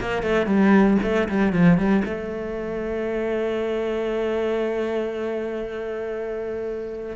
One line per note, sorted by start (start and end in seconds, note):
0.00 0.22 A#3
0.22 0.46 A3
0.46 0.97 G3
1.02 1.28 A3
1.28 1.52 G3
1.52 1.77 F3
1.77 2.03 G3
2.05 7.16 A3